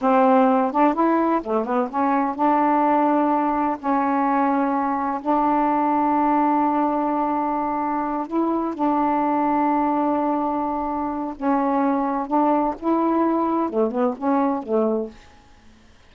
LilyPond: \new Staff \with { instrumentName = "saxophone" } { \time 4/4 \tempo 4 = 127 c'4. d'8 e'4 a8 b8 | cis'4 d'2. | cis'2. d'4~ | d'1~ |
d'4. e'4 d'4.~ | d'1 | cis'2 d'4 e'4~ | e'4 a8 b8 cis'4 a4 | }